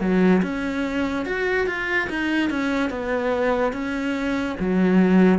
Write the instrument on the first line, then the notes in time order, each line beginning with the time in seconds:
cello
0.00 F#3
0.42 C#4
1.25 F#4
1.67 F4
2.10 D#4
2.50 C#4
2.90 B3
3.73 C#4
4.60 F#3